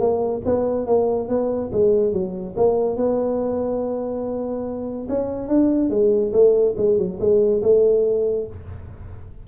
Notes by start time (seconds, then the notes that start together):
0.00 A#3
0.46 B3
0.87 A#3
1.29 B3
1.73 G#3
2.13 F#3
2.57 A#3
2.97 B3
5.09 C#4
5.49 D4
5.90 G#3
6.33 A3
6.78 G#3
6.98 F#3
7.20 G#3
7.63 A3